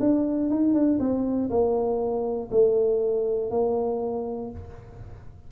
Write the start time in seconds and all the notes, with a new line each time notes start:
0.00 D4
0.50 D#4
0.74 D4
1.00 C4
1.50 A#3
2.51 A3
3.51 A#3